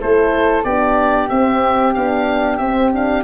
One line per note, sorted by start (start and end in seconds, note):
0.00 0.65 A3
0.00 0.65 E4
0.00 0.65 A4
0.00 0.64 C5
0.64 1.30 B3
0.64 1.30 D4
0.64 3.24 G4
0.64 1.29 D5
1.30 1.95 C4
1.30 1.96 C4
1.30 1.94 E5
1.94 2.60 B3
1.94 2.62 D4
1.94 2.58 F5
2.58 3.24 C4
2.58 2.93 C4
2.58 2.90 E5
2.93 3.24 D4
2.93 3.24 F5